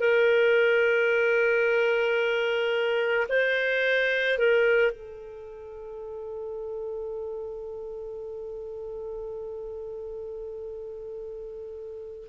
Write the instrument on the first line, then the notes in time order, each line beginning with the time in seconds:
clarinet
0.00 A#4
3.29 C5
4.38 A#4
4.92 A4